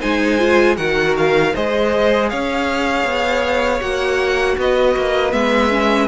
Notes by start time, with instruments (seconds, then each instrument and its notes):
0.00 cello G#3, viola D#4, violin C5 G#5
0.39 viola F4
0.77 cello D#3, viola F#4, violin A#4 F#5
1.17 violin F5
1.54 cello G#3, viola G#4, violin C5 D#5
2.29 cello C#4, violin C#5 F5
3.05 cello B3
3.80 cello A#3, viola F#4, violin F#5
4.58 cello B3, violin B4 D#5
4.97 cello A#3
5.32 cello G#3, viola B3, violin E5
5.70 viola C#4